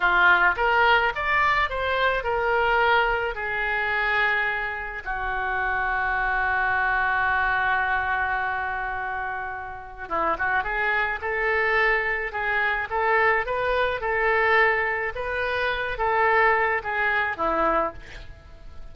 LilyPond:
\new Staff \with { instrumentName = "oboe" } { \time 4/4 \tempo 4 = 107 f'4 ais'4 d''4 c''4 | ais'2 gis'2~ | gis'4 fis'2.~ | fis'1~ |
fis'2 e'8 fis'8 gis'4 | a'2 gis'4 a'4 | b'4 a'2 b'4~ | b'8 a'4. gis'4 e'4 | }